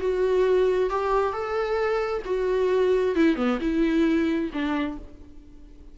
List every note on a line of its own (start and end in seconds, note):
0.00 0.90 F#4
0.90 1.33 G4
1.33 2.23 A4
2.26 3.16 F#4
3.16 3.36 E4
3.36 3.59 B3
3.61 4.51 E4
4.53 4.98 D4